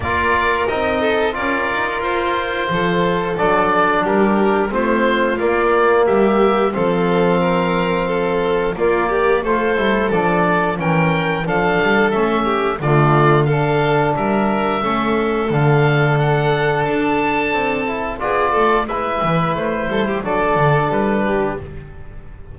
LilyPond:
<<
  \new Staff \with { instrumentName = "oboe" } { \time 4/4 \tempo 4 = 89 d''4 dis''4 d''4 c''4~ | c''4 d''4 ais'4 c''4 | d''4 e''4 f''2~ | f''4 d''4 c''4 d''4 |
g''4 f''4 e''4 d''4 | f''4 e''2 f''4 | fis''4 a''2 d''4 | e''4 c''4 d''4 b'4 | }
  \new Staff \with { instrumentName = "violin" } { \time 4/4 ais'4. a'8 ais'2 | a'2 g'4 f'4~ | f'4 g'4 a'4 ais'4 | a'4 f'8 g'8 a'2 |
ais'4 a'4. g'8 f'4 | a'4 ais'4 a'2~ | a'2. gis'8 a'8 | b'4. a'16 g'16 a'4. g'8 | }
  \new Staff \with { instrumentName = "trombone" } { \time 4/4 f'4 dis'4 f'2~ | f'4 d'2 c'4 | ais2 c'2~ | c'4 ais4 f'8 e'8 d'4 |
cis'4 d'4 cis'4 a4 | d'2 cis'4 d'4~ | d'2~ d'8 e'8 f'4 | e'2 d'2 | }
  \new Staff \with { instrumentName = "double bass" } { \time 4/4 ais4 c'4 cis'8 dis'8 f'4 | f4 fis4 g4 a4 | ais4 g4 f2~ | f4 ais4 a8 g8 f4 |
e4 f8 g8 a4 d4~ | d4 g4 a4 d4~ | d4 d'4 c'4 b8 a8 | gis8 e8 a8 g8 fis8 d8 g4 | }
>>